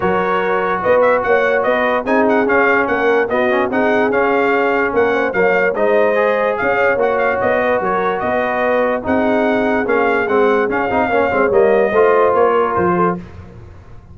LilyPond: <<
  \new Staff \with { instrumentName = "trumpet" } { \time 4/4 \tempo 4 = 146 cis''2 dis''8 e''8 fis''4 | dis''4 gis''8 fis''8 f''4 fis''4 | dis''4 fis''4 f''2 | fis''4 f''4 dis''2 |
f''4 fis''8 f''8 dis''4 cis''4 | dis''2 fis''2 | f''4 fis''4 f''2 | dis''2 cis''4 c''4 | }
  \new Staff \with { instrumentName = "horn" } { \time 4/4 ais'2 b'4 cis''4 | b'4 gis'2 ais'4 | fis'4 gis'2. | ais'8 c''8 cis''4 c''2 |
cis''2~ cis''8 b'8 ais'4 | b'2 gis'2~ | gis'2. cis''4~ | cis''4 c''4. ais'4 a'8 | }
  \new Staff \with { instrumentName = "trombone" } { \time 4/4 fis'1~ | fis'4 dis'4 cis'2 | b8 cis'8 dis'4 cis'2~ | cis'4 ais4 dis'4 gis'4~ |
gis'4 fis'2.~ | fis'2 dis'2 | cis'4 c'4 cis'8 dis'8 cis'8 c'8 | ais4 f'2. | }
  \new Staff \with { instrumentName = "tuba" } { \time 4/4 fis2 b4 ais4 | b4 c'4 cis'4 ais4 | b4 c'4 cis'2 | ais4 fis4 gis2 |
cis'4 ais4 b4 fis4 | b2 c'2 | ais4 gis4 cis'8 c'8 ais8 gis8 | g4 a4 ais4 f4 | }
>>